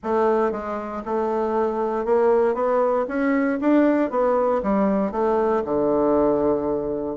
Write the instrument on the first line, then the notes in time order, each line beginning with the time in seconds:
bassoon
0.03 A3
0.51 G#3
1.05 A3
2.05 A#3
2.54 B3
3.07 C#4
3.60 D4
4.10 B3
4.62 G3
5.11 A3
5.65 D3